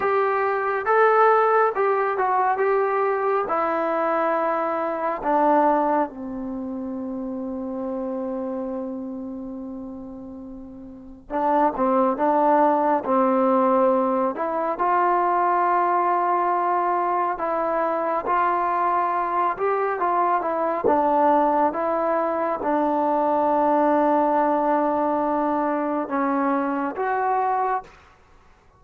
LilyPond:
\new Staff \with { instrumentName = "trombone" } { \time 4/4 \tempo 4 = 69 g'4 a'4 g'8 fis'8 g'4 | e'2 d'4 c'4~ | c'1~ | c'4 d'8 c'8 d'4 c'4~ |
c'8 e'8 f'2. | e'4 f'4. g'8 f'8 e'8 | d'4 e'4 d'2~ | d'2 cis'4 fis'4 | }